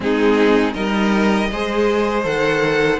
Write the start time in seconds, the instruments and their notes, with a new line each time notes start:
0.00 cello G#3, viola C4, violin D#4 G#4
0.73 cello G3, viola D#4, violin A#4 D#5
1.51 cello G#3, viola G#4, violin C5
2.23 cello D#3, viola A4, violin F#5